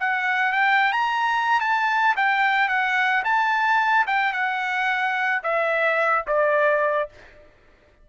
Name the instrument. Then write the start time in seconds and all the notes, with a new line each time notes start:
trumpet
0.00 F#5
0.53 G5
0.93 A#5
1.61 A5
2.17 G5
2.69 F#5
3.25 A5
4.07 G5
4.33 F#5
5.44 E5
6.28 D5